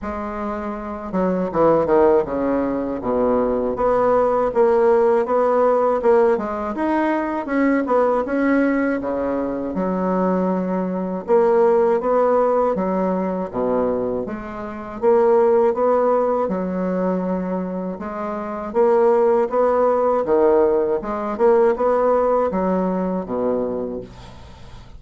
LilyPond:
\new Staff \with { instrumentName = "bassoon" } { \time 4/4 \tempo 4 = 80 gis4. fis8 e8 dis8 cis4 | b,4 b4 ais4 b4 | ais8 gis8 dis'4 cis'8 b8 cis'4 | cis4 fis2 ais4 |
b4 fis4 b,4 gis4 | ais4 b4 fis2 | gis4 ais4 b4 dis4 | gis8 ais8 b4 fis4 b,4 | }